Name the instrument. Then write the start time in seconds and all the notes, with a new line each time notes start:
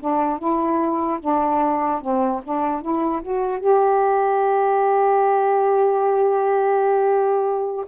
saxophone
0.00 D4
0.39 E4
1.20 D4
2.01 C4
2.44 D4
2.82 E4
3.22 F#4
3.60 G4